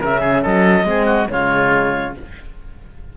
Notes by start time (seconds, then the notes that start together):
0.00 C#3 C#4 A#4 E5
0.20 G#4
0.42 F#3 A4 D#5
0.84 G#3 C4 G#4
1.05 F#4
1.28 C#3 G#3 F4 C#5